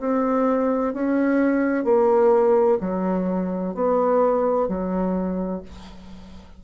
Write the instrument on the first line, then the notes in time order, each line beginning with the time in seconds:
bassoon
0.00 C4
0.94 C#4
1.85 A#3
2.81 F#3
3.75 B3
4.68 F#3